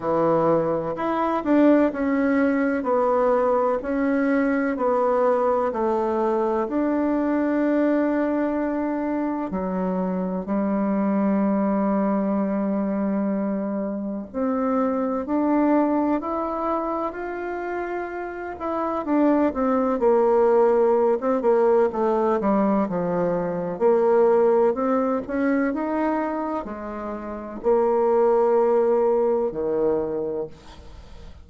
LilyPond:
\new Staff \with { instrumentName = "bassoon" } { \time 4/4 \tempo 4 = 63 e4 e'8 d'8 cis'4 b4 | cis'4 b4 a4 d'4~ | d'2 fis4 g4~ | g2. c'4 |
d'4 e'4 f'4. e'8 | d'8 c'8 ais4~ ais16 c'16 ais8 a8 g8 | f4 ais4 c'8 cis'8 dis'4 | gis4 ais2 dis4 | }